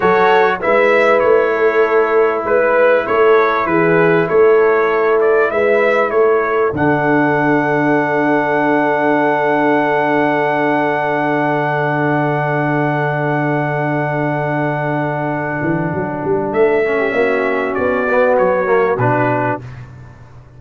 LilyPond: <<
  \new Staff \with { instrumentName = "trumpet" } { \time 4/4 \tempo 4 = 98 cis''4 e''4 cis''2 | b'4 cis''4 b'4 cis''4~ | cis''8 d''8 e''4 cis''4 fis''4~ | fis''1~ |
fis''1~ | fis''1~ | fis''2. e''4~ | e''4 d''4 cis''4 b'4 | }
  \new Staff \with { instrumentName = "horn" } { \time 4/4 a'4 b'4. a'4. | b'4 a'4 gis'4 a'4~ | a'4 b'4 a'2~ | a'1~ |
a'1~ | a'1~ | a'2.~ a'8. g'16 | fis'1 | }
  \new Staff \with { instrumentName = "trombone" } { \time 4/4 fis'4 e'2.~ | e'1~ | e'2. d'4~ | d'1~ |
d'1~ | d'1~ | d'2.~ d'8 cis'8~ | cis'4. b4 ais8 d'4 | }
  \new Staff \with { instrumentName = "tuba" } { \time 4/4 fis4 gis4 a2 | gis4 a4 e4 a4~ | a4 gis4 a4 d4~ | d1~ |
d1~ | d1~ | d4. e8 fis8 g8 a4 | ais4 b4 fis4 b,4 | }
>>